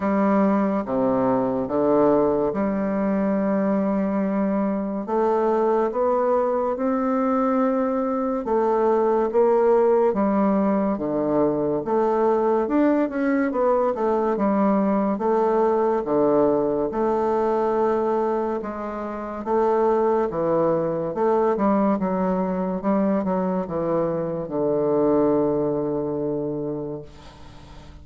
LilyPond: \new Staff \with { instrumentName = "bassoon" } { \time 4/4 \tempo 4 = 71 g4 c4 d4 g4~ | g2 a4 b4 | c'2 a4 ais4 | g4 d4 a4 d'8 cis'8 |
b8 a8 g4 a4 d4 | a2 gis4 a4 | e4 a8 g8 fis4 g8 fis8 | e4 d2. | }